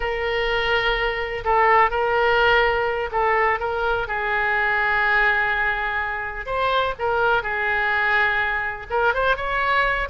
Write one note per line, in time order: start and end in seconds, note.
0.00 1.44 A#4
1.44 1.90 A4
1.90 3.10 A#4
3.11 3.59 A4
3.59 4.07 A#4
4.07 6.46 G#4
6.46 6.94 C5
6.98 7.43 A#4
7.43 8.87 G#4
8.90 9.14 A#4
9.14 9.36 C5
9.36 10.08 C#5